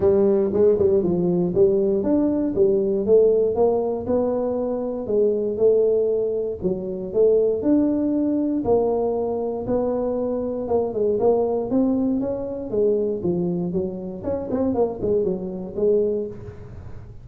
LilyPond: \new Staff \with { instrumentName = "tuba" } { \time 4/4 \tempo 4 = 118 g4 gis8 g8 f4 g4 | d'4 g4 a4 ais4 | b2 gis4 a4~ | a4 fis4 a4 d'4~ |
d'4 ais2 b4~ | b4 ais8 gis8 ais4 c'4 | cis'4 gis4 f4 fis4 | cis'8 c'8 ais8 gis8 fis4 gis4 | }